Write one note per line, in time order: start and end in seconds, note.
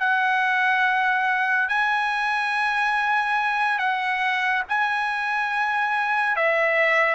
0.00 1.68 F#5
1.68 3.78 G#5
3.78 4.63 F#5
4.69 6.36 G#5
6.36 7.14 E5